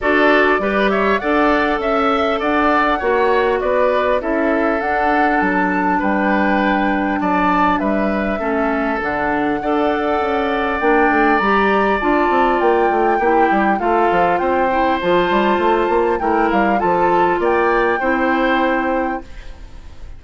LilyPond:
<<
  \new Staff \with { instrumentName = "flute" } { \time 4/4 \tempo 4 = 100 d''4. e''8 fis''4 e''4 | fis''2 d''4 e''4 | fis''4 a''4 g''2 | a''4 e''2 fis''4~ |
fis''2 g''4 ais''4 | a''4 g''2 f''4 | g''4 a''2 g''8 f''8 | a''4 g''2. | }
  \new Staff \with { instrumentName = "oboe" } { \time 4/4 a'4 b'8 cis''8 d''4 e''4 | d''4 cis''4 b'4 a'4~ | a'2 b'2 | d''4 b'4 a'2 |
d''1~ | d''2 g'4 a'4 | c''2. ais'4 | a'4 d''4 c''2 | }
  \new Staff \with { instrumentName = "clarinet" } { \time 4/4 fis'4 g'4 a'2~ | a'4 fis'2 e'4 | d'1~ | d'2 cis'4 d'4 |
a'2 d'4 g'4 | f'2 e'4 f'4~ | f'8 e'8 f'2 e'4 | f'2 e'2 | }
  \new Staff \with { instrumentName = "bassoon" } { \time 4/4 d'4 g4 d'4 cis'4 | d'4 ais4 b4 cis'4 | d'4 fis4 g2 | fis4 g4 a4 d4 |
d'4 cis'4 ais8 a8 g4 | d'8 c'8 ais8 a8 ais8 g8 a8 f8 | c'4 f8 g8 a8 ais8 a8 g8 | f4 ais4 c'2 | }
>>